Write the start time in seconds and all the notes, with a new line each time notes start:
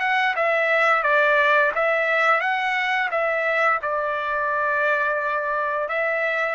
0.00 F#5
0.36 E5
1.03 D5
1.75 E5
2.40 F#5
3.11 E5
3.82 D5
5.88 E5